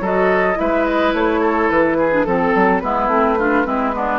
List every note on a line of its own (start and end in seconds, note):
0.00 0.56 F#3
0.00 0.55 F#4
0.00 0.58 A4
0.00 0.59 D#5
0.55 1.13 G#3
0.55 2.09 E4
0.55 1.40 B4
0.55 0.85 E5
0.85 1.13 D#5
1.13 1.69 A3
1.13 1.70 C#5
1.40 1.96 A4
1.70 2.26 E3
1.70 2.24 B4
1.98 2.26 G#4
2.11 2.25 D4
2.24 2.54 F3
2.24 2.82 C4
2.24 2.80 A4
2.24 2.82 A4
2.54 2.82 F#3
2.80 3.07 G#3
2.80 3.09 B3
2.80 3.38 E4
2.80 4.19 B4
3.07 3.64 A3
3.07 3.37 C4
3.38 3.65 D4
3.38 3.66 F4
3.65 4.19 G#3
3.65 3.93 C4
3.65 3.94 E4
3.93 4.19 B3
3.93 4.19 D4